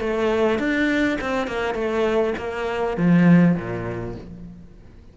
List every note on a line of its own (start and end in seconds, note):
0.00 0.59 A3
0.59 1.18 D4
1.21 1.47 C4
1.47 1.74 A#3
1.74 2.34 A3
2.38 2.97 A#3
2.97 3.56 F3
3.56 4.15 A#2